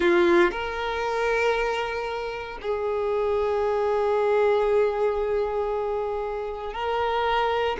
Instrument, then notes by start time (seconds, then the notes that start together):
violin
0.00 F4
0.51 A#4
2.61 G#4
6.73 A#4